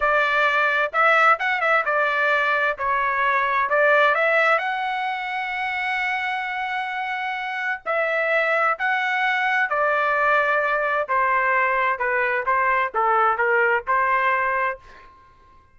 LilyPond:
\new Staff \with { instrumentName = "trumpet" } { \time 4/4 \tempo 4 = 130 d''2 e''4 fis''8 e''8 | d''2 cis''2 | d''4 e''4 fis''2~ | fis''1~ |
fis''4 e''2 fis''4~ | fis''4 d''2. | c''2 b'4 c''4 | a'4 ais'4 c''2 | }